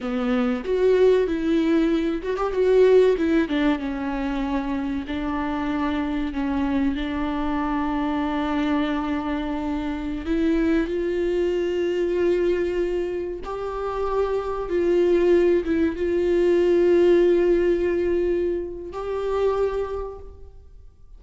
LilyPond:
\new Staff \with { instrumentName = "viola" } { \time 4/4 \tempo 4 = 95 b4 fis'4 e'4. fis'16 g'16 | fis'4 e'8 d'8 cis'2 | d'2 cis'4 d'4~ | d'1~ |
d'16 e'4 f'2~ f'8.~ | f'4~ f'16 g'2 f'8.~ | f'8. e'8 f'2~ f'8.~ | f'2 g'2 | }